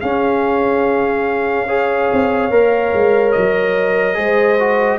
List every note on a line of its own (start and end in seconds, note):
0.00 1.68 C#4
0.00 2.11 C#4
0.00 1.67 G#4
0.00 3.32 F5
1.67 2.51 G#4
1.67 4.17 C#5
2.12 2.50 C4
2.50 2.92 A#3
2.50 4.14 A#4
2.94 3.35 G#3
3.32 4.17 F#3
3.32 4.99 D#5
4.14 4.99 G#3
4.14 4.56 G#4
4.14 4.99 C5
4.59 4.99 F#4